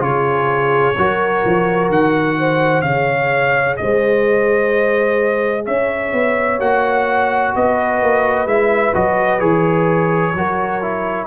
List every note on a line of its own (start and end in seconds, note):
0.00 0.94 C#3
0.00 0.94 F4
0.00 0.99 G#4
0.00 1.91 C#5
0.98 1.45 F#3
0.98 2.85 F#4
0.98 2.39 A#4
1.46 1.90 F3
1.90 2.83 D#3
1.90 2.82 F#5
2.39 2.84 C5
2.82 3.77 C#3
2.82 6.60 G#4
2.82 3.78 C#5
2.82 3.76 F5
3.77 5.68 G#3
3.77 5.65 C5
3.77 5.65 D#5
5.65 6.13 C#4
5.65 7.53 C#5
5.65 6.60 E5
6.13 6.60 B3
6.60 7.54 A#3
6.60 8.48 F#4
6.60 7.55 F#5
7.56 8.03 B3
7.56 10.37 B4
7.56 8.48 D#5
8.03 8.46 A#3
8.46 8.93 G#3
8.46 8.95 E4
8.46 8.95 E5
8.95 9.41 F#3
8.95 9.40 F#4
8.95 9.40 D#5
9.40 10.35 E3
9.40 10.34 G#4
9.40 11.27 C#5
10.35 11.27 F#3
10.35 10.82 F#4
10.35 11.27 A#4
10.82 11.27 E4